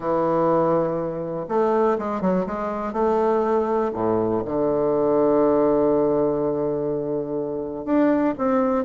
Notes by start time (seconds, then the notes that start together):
0.00 E3
1.48 A3
1.98 G#3
2.21 F#3
2.46 G#3
2.92 A3
3.93 A2
4.45 D3
7.85 D4
8.37 C4